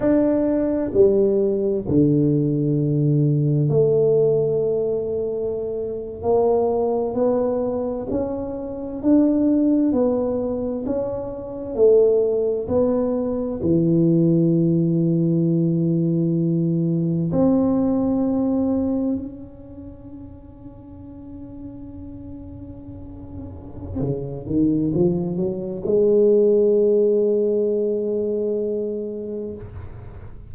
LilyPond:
\new Staff \with { instrumentName = "tuba" } { \time 4/4 \tempo 4 = 65 d'4 g4 d2 | a2~ a8. ais4 b16~ | b8. cis'4 d'4 b4 cis'16~ | cis'8. a4 b4 e4~ e16~ |
e2~ e8. c'4~ c'16~ | c'8. cis'2.~ cis'16~ | cis'2 cis8 dis8 f8 fis8 | gis1 | }